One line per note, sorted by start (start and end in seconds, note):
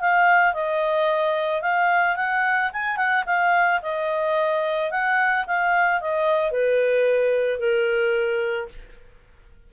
0.00 0.53 F5
0.53 1.61 D#5
1.61 2.16 F5
2.16 2.70 F#5
2.73 2.96 G#5
2.96 3.24 F#5
3.26 3.80 F5
3.82 4.90 D#5
4.90 5.45 F#5
5.46 6.00 F5
6.00 6.51 D#5
6.51 7.59 B4
7.59 8.68 A#4